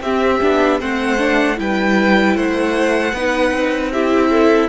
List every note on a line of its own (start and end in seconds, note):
0.00 0.39 C4
0.00 0.41 C4
0.00 0.79 G4
0.00 0.80 E5
0.41 0.81 B3
0.41 0.80 D4
0.79 1.58 A3
0.79 1.19 C4
0.79 1.57 C5
0.79 1.59 F#5
1.19 1.56 D4
1.56 2.35 G3
1.56 3.12 E4
1.56 2.36 B4
1.56 2.36 G5
2.35 3.13 A3
2.35 3.14 C5
2.35 3.92 F#5
3.13 3.51 B3
3.13 3.93 D#4
3.13 3.92 B4
3.51 4.68 C4
3.92 4.68 E4
3.92 4.31 G4
3.92 4.68 E5
4.31 4.68 A4